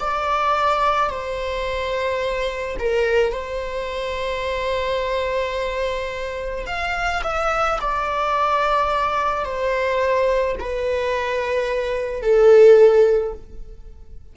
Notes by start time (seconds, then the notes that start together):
0.00 D5
1.10 C5
2.79 A#4
3.32 C5
6.67 F5
7.24 E5
7.81 D5
9.45 C5
10.59 B4
12.22 A4